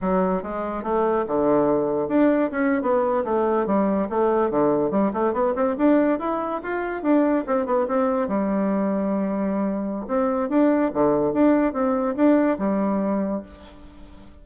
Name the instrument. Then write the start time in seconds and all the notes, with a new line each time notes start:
bassoon
0.01 F#3
0.42 G#3
0.83 A3
1.27 D3
2.08 D4
2.51 C#4
2.82 B3
3.24 A3
3.66 G3
4.09 A3
4.50 D3
4.91 G3
5.13 A3
5.33 B3
5.55 C4
5.77 D4
6.19 E4
6.62 F4
7.02 D4
7.46 C4
7.66 B3
7.87 C4
8.28 G3
10.07 C4
10.49 D4
10.93 D3
11.33 D4
11.73 C4
12.15 D4
12.58 G3